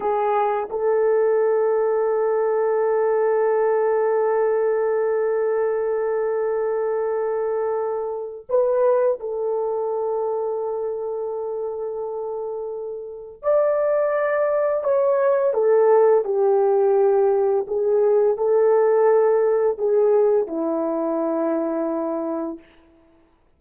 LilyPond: \new Staff \with { instrumentName = "horn" } { \time 4/4 \tempo 4 = 85 gis'4 a'2.~ | a'1~ | a'1 | b'4 a'2.~ |
a'2. d''4~ | d''4 cis''4 a'4 g'4~ | g'4 gis'4 a'2 | gis'4 e'2. | }